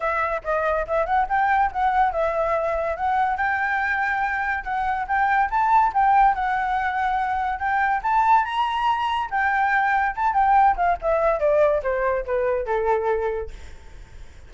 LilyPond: \new Staff \with { instrumentName = "flute" } { \time 4/4 \tempo 4 = 142 e''4 dis''4 e''8 fis''8 g''4 | fis''4 e''2 fis''4 | g''2. fis''4 | g''4 a''4 g''4 fis''4~ |
fis''2 g''4 a''4 | ais''2 g''2 | a''8 g''4 f''8 e''4 d''4 | c''4 b'4 a'2 | }